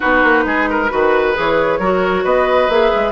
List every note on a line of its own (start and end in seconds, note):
0.00 0.23 B3
0.00 0.89 D#4
0.00 0.44 F#4
0.00 1.34 B4
0.23 0.45 A#3
0.45 0.90 G#3
0.45 0.69 G#4
0.70 0.91 A#4
0.89 1.37 D#3
0.89 1.34 F#4
0.89 1.79 B4
1.34 1.78 E3
1.34 1.79 G#4
1.34 2.25 C#5
1.78 2.24 F#3
1.78 2.70 F#4
1.78 2.24 A#4
2.24 2.68 B3
2.24 3.11 B4
2.24 2.70 D#5
2.68 2.91 A#3
2.68 3.11 G#4
2.68 3.11 E5
2.95 3.11 G#3